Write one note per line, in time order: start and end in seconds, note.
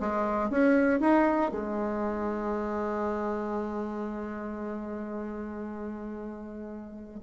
0.00 0.50 G#3
0.50 1.00 C#4
1.00 1.51 D#4
1.51 7.20 G#3